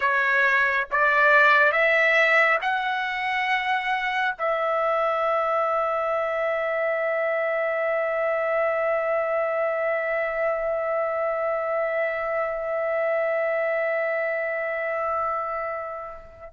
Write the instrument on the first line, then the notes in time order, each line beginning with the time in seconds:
trumpet
0.00 C#5
0.91 D5
1.72 E5
2.61 F#5
4.38 E5